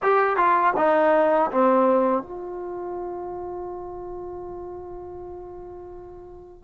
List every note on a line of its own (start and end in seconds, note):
0.02 0.36 G4
0.36 0.73 F4
0.76 1.51 D#4
1.51 2.22 C4
2.22 6.64 F4